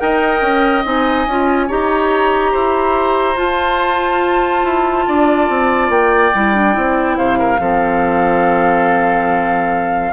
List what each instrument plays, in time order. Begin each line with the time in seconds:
0.00 bassoon D#4, clarinet A#4, oboe D#5, flute G5
0.42 bassoon C#4
0.85 bassoon C4, clarinet D#4, flute G#5
1.27 bassoon C#4, clarinet F4
1.68 bassoon D#4, clarinet G4, oboe C#5, flute A#5
2.52 bassoon E4, oboe C5
3.36 bassoon F4, clarinet F4, flute A5
4.64 bassoon E4
5.08 bassoon D4, oboe D5
5.49 bassoon C4
5.90 bassoon A#3, flute G5
6.35 bassoon G3, clarinet E4
6.55 clarinet D4
6.73 bassoon C4, clarinet E4
7.17 bassoon C3, oboe C5, flute F5
7.39 oboe A#4
7.60 bassoon F3, clarinet C4, oboe A4